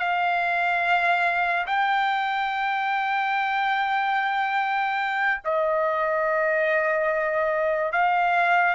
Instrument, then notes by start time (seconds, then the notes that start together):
trumpet
0.00 F5
1.67 G5
5.45 D#5
7.93 F5